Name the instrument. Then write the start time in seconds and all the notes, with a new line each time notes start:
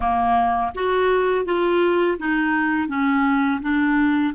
clarinet
0.00 A#3
0.74 F#4
1.45 F4
2.19 D#4
2.88 C#4
3.61 D4